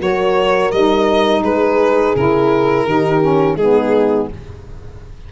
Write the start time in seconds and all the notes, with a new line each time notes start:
0.00 F#3 F#4 A#4 C#5
0.72 G3 D#4 D#5
1.43 G#3 G#4 B4
2.16 C#3 E4 A#4
2.86 D#3 D#4 G4
3.21 C#4
3.56 G#3 B3 D#4 G#4